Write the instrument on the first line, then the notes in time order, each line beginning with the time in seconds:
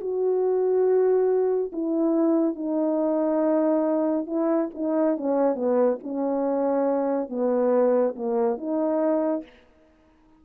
horn
0.00 F#4
1.72 E4
2.55 D#4
4.26 E4
4.74 D#4
5.17 C#4
5.55 B3
6.03 C#4
7.29 B3
8.15 A#3
8.57 D#4